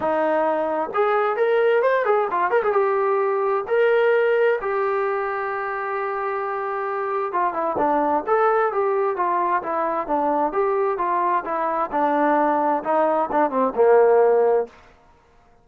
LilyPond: \new Staff \with { instrumentName = "trombone" } { \time 4/4 \tempo 4 = 131 dis'2 gis'4 ais'4 | c''8 gis'8 f'8 ais'16 gis'16 g'2 | ais'2 g'2~ | g'1 |
f'8 e'8 d'4 a'4 g'4 | f'4 e'4 d'4 g'4 | f'4 e'4 d'2 | dis'4 d'8 c'8 ais2 | }